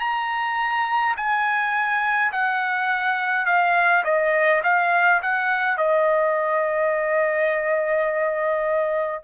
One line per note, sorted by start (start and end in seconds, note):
0.00 1.15 A#5
1.16 2.32 G#5
2.32 3.46 F#5
3.46 4.03 F5
4.04 4.62 D#5
4.64 5.21 F5
5.22 5.77 F#5
5.77 9.24 D#5